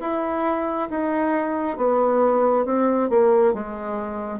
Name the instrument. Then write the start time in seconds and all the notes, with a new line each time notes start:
bassoon
0.00 E4
0.89 D#4
1.76 B3
2.65 C4
3.09 A#3
3.53 G#3